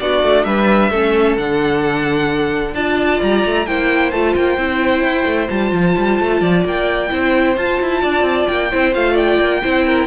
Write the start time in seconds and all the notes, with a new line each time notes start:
0.00 B3 D4 F#4 D5
0.23 A3
0.44 G3 B4 E5
0.91 A3 C#4 A4
1.37 D3 D4 F#5
2.74 D4 F4 D5 A5
3.22 G3 A#5
3.46 A3
3.66 A#3 E4 C5 G5
4.10 A3 F4 A5
4.36 A#3 G5
4.57 C4 E4
5.02 E4
5.25 A3
5.49 G3 F4 A5
5.72 F3
5.98 G3
6.20 A3
6.41 F3 D5
6.65 A#3 G5
7.09 C4 E4 C5
7.56 F4 A5
7.80 E4
8.02 D4 D5
8.22 C4
8.47 A#3 G5
8.71 C4 E4 C5
8.94 A3 F4 F5
9.13 D5 G5
9.39 A#3
9.63 C4 E4 C5
9.86 A#4